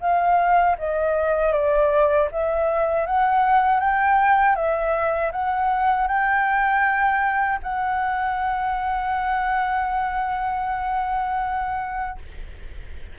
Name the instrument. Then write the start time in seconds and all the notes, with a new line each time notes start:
flute
0.00 F5
0.78 D#5
1.52 D5
2.31 E5
3.06 F#5
3.80 G5
4.55 E5
5.32 F#5
6.07 G5
7.63 F#5